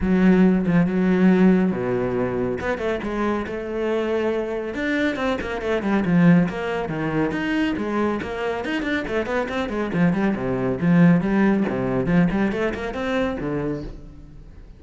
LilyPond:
\new Staff \with { instrumentName = "cello" } { \time 4/4 \tempo 4 = 139 fis4. f8 fis2 | b,2 b8 a8 gis4 | a2. d'4 | c'8 ais8 a8 g8 f4 ais4 |
dis4 dis'4 gis4 ais4 | dis'8 d'8 a8 b8 c'8 gis8 f8 g8 | c4 f4 g4 c4 | f8 g8 a8 ais8 c'4 d4 | }